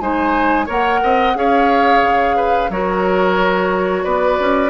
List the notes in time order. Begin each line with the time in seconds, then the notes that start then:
0.00 G#3 D#4 C5 G#5
0.66 A#3 A#4 C#5 F#5
1.03 C4 D#5
1.35 C#4 G#4 C#5 F5
2.02 C#3
2.37 B4
2.70 F#3 F#4 A#4 C#5
4.04 B3 B4 D5
4.40 C#4